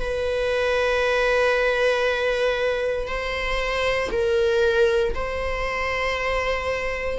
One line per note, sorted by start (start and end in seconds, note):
0.00 3.07 B4
3.07 4.10 C5
4.11 5.14 A#4
5.14 7.19 C5